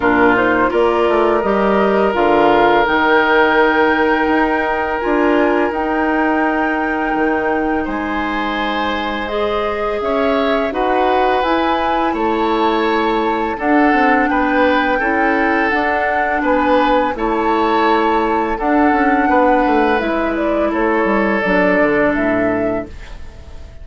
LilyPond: <<
  \new Staff \with { instrumentName = "flute" } { \time 4/4 \tempo 4 = 84 ais'8 c''8 d''4 dis''4 f''4 | g''2. gis''4 | g''2. gis''4~ | gis''4 dis''4 e''4 fis''4 |
gis''4 a''2 fis''4 | g''2 fis''4 gis''4 | a''2 fis''2 | e''8 d''8 cis''4 d''4 e''4 | }
  \new Staff \with { instrumentName = "oboe" } { \time 4/4 f'4 ais'2.~ | ais'1~ | ais'2. c''4~ | c''2 cis''4 b'4~ |
b'4 cis''2 a'4 | b'4 a'2 b'4 | cis''2 a'4 b'4~ | b'4 a'2. | }
  \new Staff \with { instrumentName = "clarinet" } { \time 4/4 d'8 dis'8 f'4 g'4 f'4 | dis'2. f'4 | dis'1~ | dis'4 gis'2 fis'4 |
e'2. d'4~ | d'4 e'4 d'2 | e'2 d'2 | e'2 d'2 | }
  \new Staff \with { instrumentName = "bassoon" } { \time 4/4 ais,4 ais8 a8 g4 d4 | dis2 dis'4 d'4 | dis'2 dis4 gis4~ | gis2 cis'4 dis'4 |
e'4 a2 d'8 c'8 | b4 cis'4 d'4 b4 | a2 d'8 cis'8 b8 a8 | gis4 a8 g8 fis8 d8 a,4 | }
>>